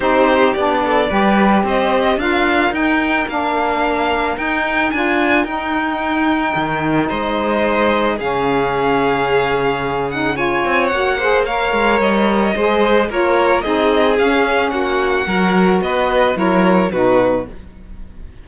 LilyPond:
<<
  \new Staff \with { instrumentName = "violin" } { \time 4/4 \tempo 4 = 110 c''4 d''2 dis''4 | f''4 g''4 f''2 | g''4 gis''4 g''2~ | g''4 dis''2 f''4~ |
f''2~ f''8 fis''8 gis''4 | fis''4 f''4 dis''2 | cis''4 dis''4 f''4 fis''4~ | fis''4 dis''4 cis''4 b'4 | }
  \new Staff \with { instrumentName = "violin" } { \time 4/4 g'4. a'8 b'4 c''4 | ais'1~ | ais'1~ | ais'4 c''2 gis'4~ |
gis'2. cis''4~ | cis''8 c''8 cis''2 c''4 | ais'4 gis'2 fis'4 | ais'4 b'4 ais'4 fis'4 | }
  \new Staff \with { instrumentName = "saxophone" } { \time 4/4 dis'4 d'4 g'2 | f'4 dis'4 d'2 | dis'4 f'4 dis'2~ | dis'2. cis'4~ |
cis'2~ cis'8 dis'8 f'4 | fis'8 gis'8 ais'2 gis'4 | f'4 dis'4 cis'2 | fis'2 e'4 dis'4 | }
  \new Staff \with { instrumentName = "cello" } { \time 4/4 c'4 b4 g4 c'4 | d'4 dis'4 ais2 | dis'4 d'4 dis'2 | dis4 gis2 cis4~ |
cis2.~ cis8 c'8 | ais4. gis8 g4 gis4 | ais4 c'4 cis'4 ais4 | fis4 b4 fis4 b,4 | }
>>